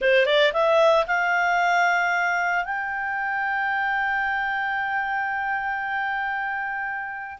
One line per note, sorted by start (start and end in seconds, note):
0.01 0.26 C5
0.26 0.52 D5
0.53 1.06 E5
1.06 2.64 F5
2.64 7.38 G5